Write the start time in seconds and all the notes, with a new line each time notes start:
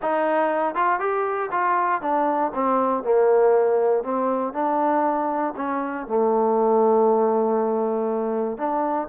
0.02 D#4
0.74 F4
0.99 G4
1.51 F4
2.01 D4
2.54 C4
3.03 A#3
4.03 C4
4.53 D4
5.56 C#4
6.07 A3
8.57 D4